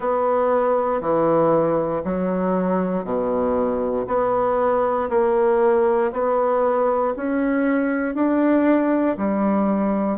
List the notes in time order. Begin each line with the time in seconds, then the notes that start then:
0.00 B3
1.00 E3
2.04 F#3
3.04 B2
4.07 B3
5.09 A#3
6.12 B3
7.16 C#4
8.14 D4
9.17 G3